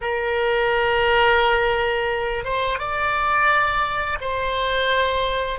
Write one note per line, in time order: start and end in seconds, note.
0.01 2.44 A#4
2.44 2.78 C5
2.78 4.18 D5
4.21 5.59 C5